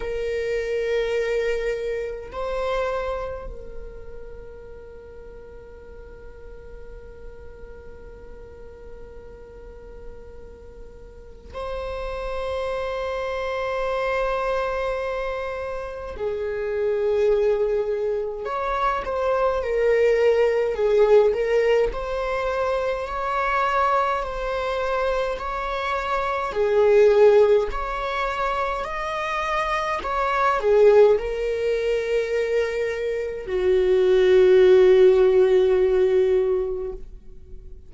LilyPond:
\new Staff \with { instrumentName = "viola" } { \time 4/4 \tempo 4 = 52 ais'2 c''4 ais'4~ | ais'1~ | ais'2 c''2~ | c''2 gis'2 |
cis''8 c''8 ais'4 gis'8 ais'8 c''4 | cis''4 c''4 cis''4 gis'4 | cis''4 dis''4 cis''8 gis'8 ais'4~ | ais'4 fis'2. | }